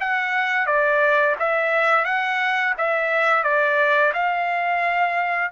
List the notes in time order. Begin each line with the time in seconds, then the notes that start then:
0.00 F#5
0.67 D5
1.39 E5
2.05 F#5
2.78 E5
3.44 D5
4.14 F5